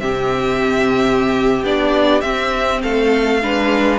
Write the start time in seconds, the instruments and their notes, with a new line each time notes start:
0.00 cello C3, viola C4, violin G4 E5
1.63 cello B3, viola D4, violin D5
2.21 viola C4, cello C4, violin E5
2.82 cello A3, violin A4 F5
3.42 cello G#3, viola D4, violin B4